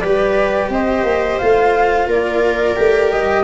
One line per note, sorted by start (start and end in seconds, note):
0.00 0.70 G3
0.00 1.42 G4
0.00 0.71 B4
0.00 0.69 D5
0.70 1.04 C4
0.70 2.08 C5
0.70 1.39 D#5
1.04 1.38 A#3
1.39 2.07 A3
1.39 2.76 F4
1.39 2.08 F5
2.07 2.76 A#3
2.07 3.45 A#4
2.07 3.11 D5
2.76 3.13 A3
2.76 3.45 G4
3.11 3.45 G3
3.11 3.45 D#5